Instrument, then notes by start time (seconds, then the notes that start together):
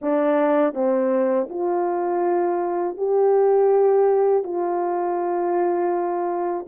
horn
0.01 D4
0.74 C4
1.49 F4
2.97 G4
4.43 F4